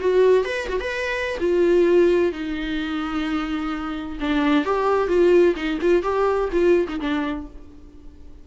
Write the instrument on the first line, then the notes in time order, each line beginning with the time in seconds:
viola
0.00 F#4
0.45 B4
0.69 F#4
0.80 B4
1.40 F4
2.32 D#4
4.20 D4
4.65 G4
5.08 F4
5.56 D#4
5.82 F4
6.03 G4
6.52 F4
6.88 D#4
7.01 D4